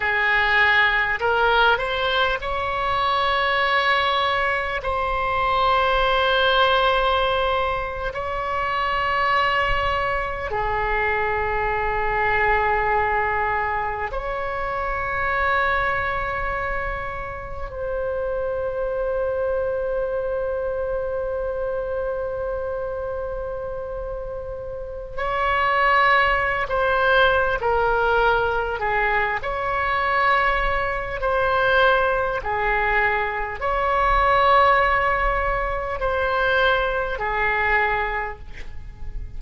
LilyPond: \new Staff \with { instrumentName = "oboe" } { \time 4/4 \tempo 4 = 50 gis'4 ais'8 c''8 cis''2 | c''2~ c''8. cis''4~ cis''16~ | cis''8. gis'2. cis''16~ | cis''2~ cis''8. c''4~ c''16~ |
c''1~ | c''4 cis''4~ cis''16 c''8. ais'4 | gis'8 cis''4. c''4 gis'4 | cis''2 c''4 gis'4 | }